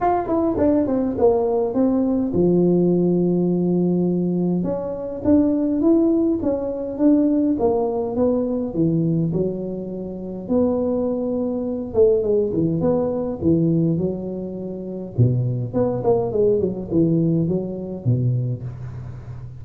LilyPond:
\new Staff \with { instrumentName = "tuba" } { \time 4/4 \tempo 4 = 103 f'8 e'8 d'8 c'8 ais4 c'4 | f1 | cis'4 d'4 e'4 cis'4 | d'4 ais4 b4 e4 |
fis2 b2~ | b8 a8 gis8 e8 b4 e4 | fis2 b,4 b8 ais8 | gis8 fis8 e4 fis4 b,4 | }